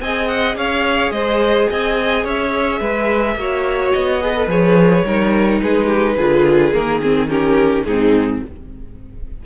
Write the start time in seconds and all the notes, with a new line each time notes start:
0.00 C4 G#4 D#5 G#5
0.27 F#5
0.55 C#4 C#5 F5
1.11 G#3 C5 D#5
1.70 C4 D#5 G#5
2.23 C#4 C#5 E5
2.80 G#3 B4
3.35 A#3 F#4 C#5
3.92 B3 D#5
4.20 G#4 B4
4.35 A4
4.47 F3 G#4 C#5
5.04 G3 D#4 A#4
5.61 G#3 G#4 B4
5.86 G4
6.16 D3 F4 G#4
6.73 D#3 A#3 A#4
7.02 C4 G#4
7.29 C#4 G4 A#4
7.84 G#2 C4 D#4 G#4